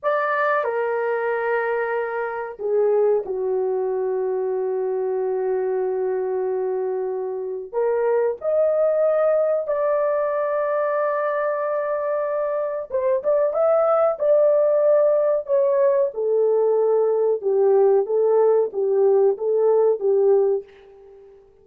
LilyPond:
\new Staff \with { instrumentName = "horn" } { \time 4/4 \tempo 4 = 93 d''4 ais'2. | gis'4 fis'2.~ | fis'1 | ais'4 dis''2 d''4~ |
d''1 | c''8 d''8 e''4 d''2 | cis''4 a'2 g'4 | a'4 g'4 a'4 g'4 | }